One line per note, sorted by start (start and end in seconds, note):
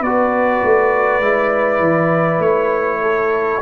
0.00 0.61 B3
0.00 1.22 F#4
0.00 3.00 B4
0.00 2.42 D5
0.63 1.20 A3
1.20 1.80 G#3
1.20 3.62 E4
1.80 2.39 E3
2.39 3.59 A3
2.39 3.62 C#5
3.02 3.62 A4